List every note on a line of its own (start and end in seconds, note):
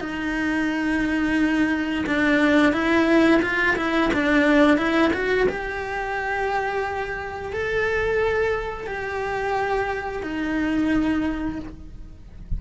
0.00 2.05 D#4
2.06 2.72 D4
2.72 3.41 E4
3.42 3.76 F4
3.76 4.10 E4
4.13 4.77 D4
4.77 5.11 E4
5.13 5.47 F#4
5.49 7.53 G4
7.53 8.87 A4
8.87 10.23 G4
10.23 11.59 D#4